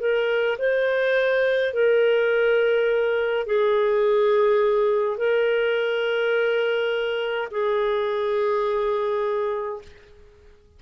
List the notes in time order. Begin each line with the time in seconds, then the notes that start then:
0.00 A#4
0.59 C5
1.74 A#4
3.47 G#4
5.18 A#4
7.52 G#4